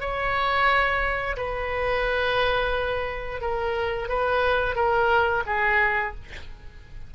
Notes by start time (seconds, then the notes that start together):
0.00 C#5
1.37 B4
3.41 A#4
4.09 B4
4.75 A#4
5.46 G#4